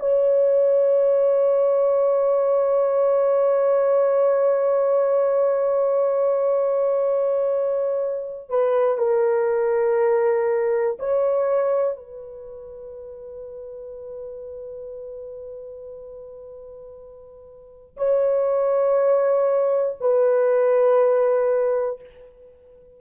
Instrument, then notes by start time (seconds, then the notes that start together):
horn
0.00 C#5
8.50 B4
8.98 A#4
10.99 C#5
11.96 B4
17.97 C#5
20.00 B4